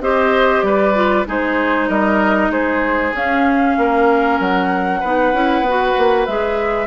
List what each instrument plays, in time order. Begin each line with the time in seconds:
0.00 bassoon C4, clarinet G4, oboe C5, flute D#5
0.61 bassoon G3, oboe B4, flute D5
0.94 clarinet F4
1.26 bassoon G#3, clarinet D#4, oboe G#4, flute C5
1.89 bassoon G3, oboe A#4, flute D#5
2.49 bassoon G#3, oboe G#4, flute C5
3.13 bassoon C#4, clarinet C#4, flute F5
3.77 bassoon A#3, oboe A#4
4.39 bassoon F#3, flute F#5
5.00 bassoon B3, clarinet D#4, oboe B4
5.33 bassoon C#4, clarinet E4
5.61 bassoon B3
5.68 clarinet F#4
5.98 bassoon A#3
6.26 bassoon G#3, clarinet G#4, flute E5